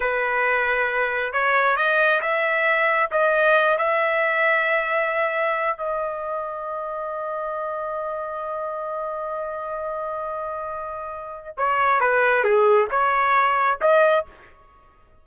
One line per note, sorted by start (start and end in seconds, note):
0.00 1.32 B4
1.33 1.76 C#5
1.76 2.20 D#5
2.21 3.10 E5
3.11 3.77 D#5
3.77 5.77 E5
5.77 11.55 D#5
11.57 12.00 C#5
12.00 12.43 B4
12.43 12.88 G#4
12.90 13.79 C#5
13.81 14.25 D#5